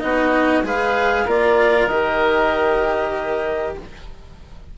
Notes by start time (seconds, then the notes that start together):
0.00 B3 D#4 F#4 D#5
0.63 G#3 G#4 B4 F5
1.25 A#3 F4 A#4 D5
1.87 D#3 G4 D#5